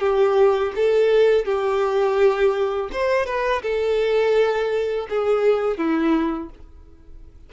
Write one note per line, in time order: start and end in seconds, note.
0.00 0.72 G4
0.76 1.45 A4
1.45 2.90 G4
2.92 3.26 C5
3.26 3.62 B4
3.62 5.07 A4
5.09 5.77 G#4
5.77 6.50 E4